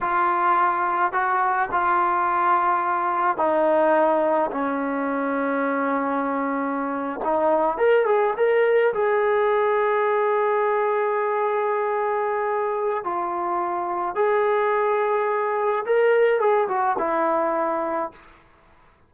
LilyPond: \new Staff \with { instrumentName = "trombone" } { \time 4/4 \tempo 4 = 106 f'2 fis'4 f'4~ | f'2 dis'2 | cis'1~ | cis'8. dis'4 ais'8 gis'8 ais'4 gis'16~ |
gis'1~ | gis'2. f'4~ | f'4 gis'2. | ais'4 gis'8 fis'8 e'2 | }